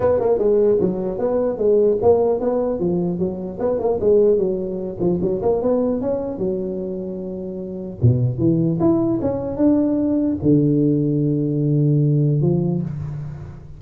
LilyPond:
\new Staff \with { instrumentName = "tuba" } { \time 4/4 \tempo 4 = 150 b8 ais8 gis4 fis4 b4 | gis4 ais4 b4 f4 | fis4 b8 ais8 gis4 fis4~ | fis8 f8 fis8 ais8 b4 cis'4 |
fis1 | b,4 e4 e'4 cis'4 | d'2 d2~ | d2. f4 | }